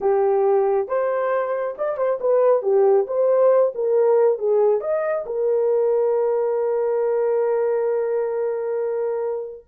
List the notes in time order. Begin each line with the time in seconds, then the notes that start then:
0.00 G4
0.88 C5
1.78 D5
1.97 C5
2.20 B4
2.62 G4
3.07 C5
3.74 A#4
4.38 G#4
4.81 D#5
5.26 A#4